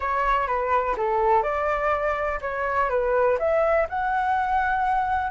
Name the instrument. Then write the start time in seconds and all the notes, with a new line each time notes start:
flute
0.00 C#5
0.47 B4
0.97 A4
1.43 D5
2.41 C#5
2.89 B4
3.38 E5
3.89 F#5